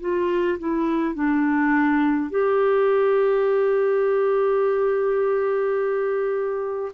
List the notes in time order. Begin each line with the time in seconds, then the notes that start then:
0.00 F4
0.59 E4
1.14 D4
2.30 G4